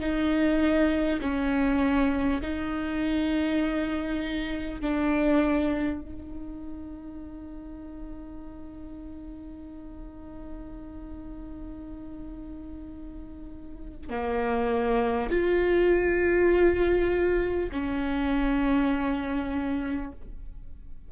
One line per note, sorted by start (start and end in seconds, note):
0.00 1.20 D#4
1.21 2.41 C#4
2.42 4.81 D#4
4.81 6.01 D4
6.01 14.10 D#4
14.10 15.30 A#3
15.30 17.70 F4
17.72 20.12 C#4